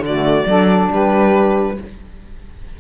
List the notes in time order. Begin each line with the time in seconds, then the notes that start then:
0.00 D3 F#4 D5
0.08 A3
0.46 F#3 D4 A4
0.91 G3 G4 B4